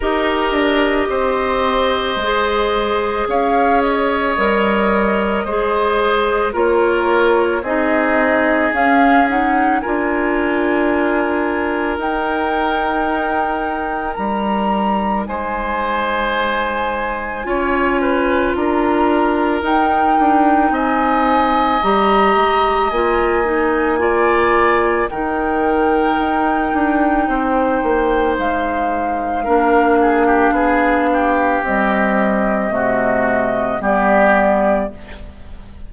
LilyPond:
<<
  \new Staff \with { instrumentName = "flute" } { \time 4/4 \tempo 4 = 55 dis''2. f''8 dis''8~ | dis''2 cis''4 dis''4 | f''8 fis''8 gis''2 g''4~ | g''4 ais''4 gis''2~ |
gis''4 ais''4 g''4 gis''4 | ais''4 gis''2 g''4~ | g''2 f''2~ | f''4 dis''2 d''4 | }
  \new Staff \with { instrumentName = "oboe" } { \time 4/4 ais'4 c''2 cis''4~ | cis''4 c''4 ais'4 gis'4~ | gis'4 ais'2.~ | ais'2 c''2 |
cis''8 b'8 ais'2 dis''4~ | dis''2 d''4 ais'4~ | ais'4 c''2 ais'8 gis'16 g'16 | gis'8 g'4. fis'4 g'4 | }
  \new Staff \with { instrumentName = "clarinet" } { \time 4/4 g'2 gis'2 | ais'4 gis'4 f'4 dis'4 | cis'8 dis'8 f'2 dis'4~ | dis'1 |
f'2 dis'2 | g'4 f'8 dis'8 f'4 dis'4~ | dis'2. d'4~ | d'4 g4 a4 b4 | }
  \new Staff \with { instrumentName = "bassoon" } { \time 4/4 dis'8 d'8 c'4 gis4 cis'4 | g4 gis4 ais4 c'4 | cis'4 d'2 dis'4~ | dis'4 g4 gis2 |
cis'4 d'4 dis'8 d'8 c'4 | g8 gis8 ais2 dis4 | dis'8 d'8 c'8 ais8 gis4 ais4 | b4 c'4 c4 g4 | }
>>